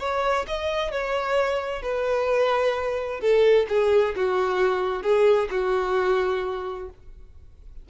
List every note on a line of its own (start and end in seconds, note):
0.00 0.46 C#5
0.48 0.92 D#5
0.92 1.83 C#5
1.83 3.21 B4
3.21 3.67 A4
3.69 4.15 G#4
4.16 5.03 F#4
5.03 5.49 G#4
5.51 6.90 F#4